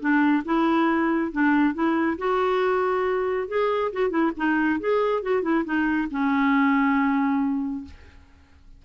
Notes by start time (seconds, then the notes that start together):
0.00 D4
0.45 E4
1.32 D4
1.74 E4
2.18 F#4
3.48 G#4
3.92 F#4
4.10 E4
4.37 D#4
4.80 G#4
5.23 F#4
5.42 E4
5.65 D#4
6.11 C#4